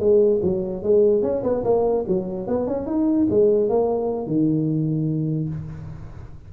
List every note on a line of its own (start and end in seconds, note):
0.00 0.41 G#3
0.43 0.83 F#3
0.83 1.23 G#3
1.23 1.43 C#4
1.44 1.64 B3
1.64 2.05 A#3
2.08 2.47 F#3
2.47 2.68 B3
2.68 2.87 C#4
2.87 3.28 D#4
3.30 3.70 G#3
3.70 4.27 A#3
4.27 5.50 D#3